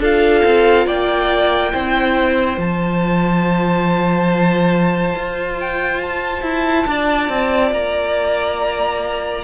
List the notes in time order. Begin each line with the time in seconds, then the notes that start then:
0.00 D4 F4 A4 F5
0.45 C4
0.87 A#3 D5 G5
1.73 C4 E4 C5
2.57 F3 F4 A5
5.15 F4
5.60 G5
6.02 A5
6.42 E4
6.87 D4 D5
7.29 C4
7.72 A#3 A#5